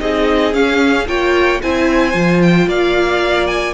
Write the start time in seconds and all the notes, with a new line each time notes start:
0.00 C4 D#4 G#4 D#5
0.54 C#4 F5
1.08 A#3 F4 C#5 G5
1.62 C4 E4 C5 G#5
2.13 F3 F4
2.42 G5
2.67 A#3 D5 F5
3.48 G#5